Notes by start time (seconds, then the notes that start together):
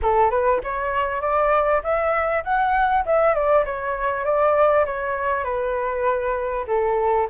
0.02 A4
0.30 B4
0.63 C#5
1.21 D5
1.83 E5
2.44 F#5
3.05 E5
3.34 D5
3.65 C#5
4.24 D5
4.85 C#5
5.44 B4
6.67 A4